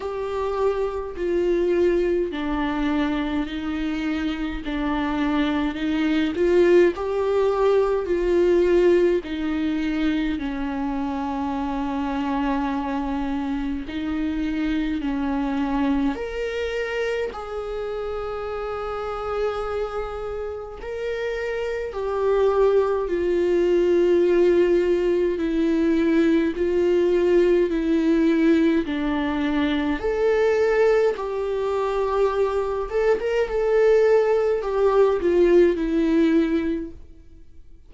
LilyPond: \new Staff \with { instrumentName = "viola" } { \time 4/4 \tempo 4 = 52 g'4 f'4 d'4 dis'4 | d'4 dis'8 f'8 g'4 f'4 | dis'4 cis'2. | dis'4 cis'4 ais'4 gis'4~ |
gis'2 ais'4 g'4 | f'2 e'4 f'4 | e'4 d'4 a'4 g'4~ | g'8 a'16 ais'16 a'4 g'8 f'8 e'4 | }